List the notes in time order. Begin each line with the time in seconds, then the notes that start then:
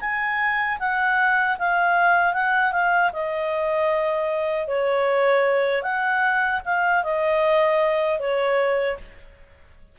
0.00 G#5
0.79 F#5
1.59 F5
2.33 F#5
2.72 F5
3.12 D#5
4.68 C#5
5.83 F#5
6.65 F5
7.03 D#5
8.19 C#5